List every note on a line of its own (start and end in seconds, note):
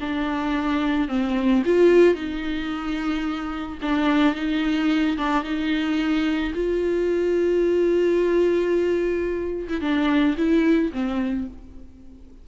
0.00 1.08 D4
1.08 1.63 C4
1.65 2.14 F4
2.14 3.78 D#4
3.82 4.35 D4
4.35 5.17 D#4
5.17 5.43 D4
5.43 6.53 D#4
6.55 9.68 F4
9.68 9.81 E4
9.81 10.36 D4
10.37 10.92 E4
10.93 11.47 C4